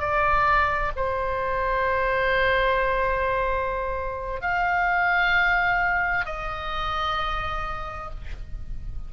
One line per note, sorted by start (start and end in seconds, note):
0.00 0.92 D5
0.96 4.41 C5
4.41 6.26 F5
6.26 8.11 D#5